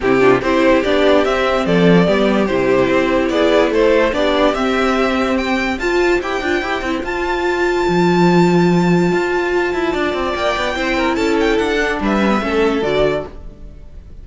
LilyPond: <<
  \new Staff \with { instrumentName = "violin" } { \time 4/4 \tempo 4 = 145 g'4 c''4 d''4 e''4 | d''2 c''2 | d''4 c''4 d''4 e''4~ | e''4 g''4 a''4 g''4~ |
g''4 a''2.~ | a''1~ | a''4 g''2 a''8 g''8 | fis''4 e''2 d''4 | }
  \new Staff \with { instrumentName = "violin" } { \time 4/4 e'8 f'8 g'2. | a'4 g'2. | gis'4 a'4 g'2~ | g'2 c''2~ |
c''1~ | c''1 | d''2 c''8 ais'8 a'4~ | a'4 b'4 a'2 | }
  \new Staff \with { instrumentName = "viola" } { \time 4/4 c'8 d'8 e'4 d'4 c'4~ | c'4 b4 e'2~ | e'2 d'4 c'4~ | c'2 f'4 g'8 f'8 |
g'8 e'8 f'2.~ | f'1~ | f'2 e'2~ | e'8 d'4 cis'16 b16 cis'4 fis'4 | }
  \new Staff \with { instrumentName = "cello" } { \time 4/4 c4 c'4 b4 c'4 | f4 g4 c4 c'4 | b4 a4 b4 c'4~ | c'2 f'4 e'8 d'8 |
e'8 c'8 f'2 f4~ | f2 f'4. e'8 | d'8 c'8 ais8 b8 c'4 cis'4 | d'4 g4 a4 d4 | }
>>